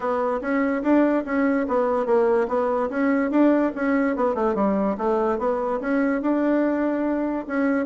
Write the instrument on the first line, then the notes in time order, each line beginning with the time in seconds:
bassoon
0.00 B3
0.41 C#4
0.82 D4
1.25 C#4
1.68 B3
2.05 A#3
2.47 B3
2.89 C#4
3.30 D4
3.75 C#4
4.15 B3
4.34 A3
4.54 G3
4.97 A3
5.38 B3
5.80 C#4
6.21 D4
7.47 C#4